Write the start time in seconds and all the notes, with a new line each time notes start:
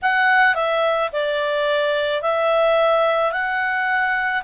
0.02 F#5
0.55 E5
1.12 D5
2.22 E5
3.31 F#5